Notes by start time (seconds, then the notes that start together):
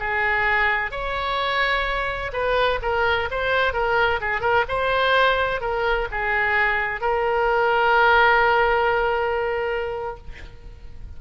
0.00 G#4
0.92 C#5
2.33 B4
2.83 A#4
3.31 C5
3.74 A#4
4.21 G#4
4.41 A#4
4.69 C5
5.61 A#4
6.12 G#4
7.01 A#4